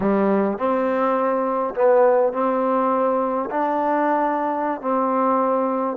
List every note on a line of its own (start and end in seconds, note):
0.00 0.57 G3
0.57 1.74 C4
1.74 2.32 B3
2.32 3.49 C4
3.50 4.81 D4
4.81 5.97 C4